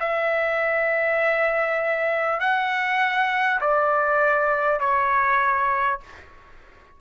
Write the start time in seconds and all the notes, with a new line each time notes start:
0.00 E5
2.40 F#5
3.61 D5
4.80 C#5